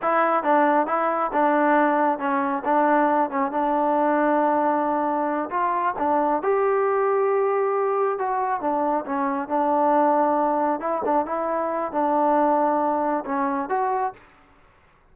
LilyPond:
\new Staff \with { instrumentName = "trombone" } { \time 4/4 \tempo 4 = 136 e'4 d'4 e'4 d'4~ | d'4 cis'4 d'4. cis'8 | d'1~ | d'8 f'4 d'4 g'4.~ |
g'2~ g'8 fis'4 d'8~ | d'8 cis'4 d'2~ d'8~ | d'8 e'8 d'8 e'4. d'4~ | d'2 cis'4 fis'4 | }